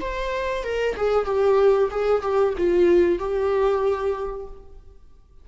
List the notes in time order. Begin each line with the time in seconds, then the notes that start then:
0.00 C5
0.64 A#4
0.96 G#4
1.25 G4
1.91 G#4
2.22 G4
2.58 F4
3.19 G4